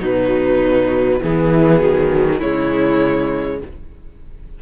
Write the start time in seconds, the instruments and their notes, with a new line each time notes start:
0.00 cello B2, viola F#3, violin D#4 B4
1.20 viola E3, cello E3, violin B3 G#4
1.79 cello D#3, viola F#3
2.38 cello C#3, viola G#3, violin E4 C#5